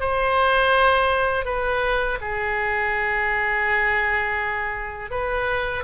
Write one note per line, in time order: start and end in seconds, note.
0.00 1.45 C5
1.45 2.18 B4
2.21 5.10 G#4
5.10 5.83 B4